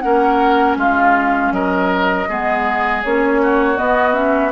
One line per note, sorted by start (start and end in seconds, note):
0.00 0.77 A#3
0.00 2.27 C#4
0.00 0.78 A#4
0.00 0.75 F#5
0.77 1.52 G#3
0.77 1.53 F4
0.77 1.53 F5
1.52 2.27 F#3
1.52 2.29 A#4
1.52 3.03 D#5
2.29 3.05 G#3
2.29 3.04 B3
2.29 3.41 G#4
3.03 3.79 A#3
3.03 3.76 C#4
3.03 3.78 C#5
3.42 4.52 F#4
3.76 4.13 B3
3.76 4.52 B3
3.76 4.14 D#5
4.13 4.51 C#4
4.13 4.52 E5